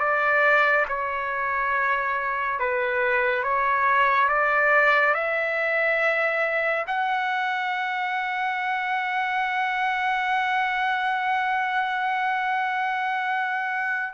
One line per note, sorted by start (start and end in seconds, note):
0.00 0.86 D5
0.88 2.59 C#5
2.59 3.44 B4
3.44 4.29 C#5
4.29 5.14 D5
5.14 6.86 E5
6.87 14.14 F#5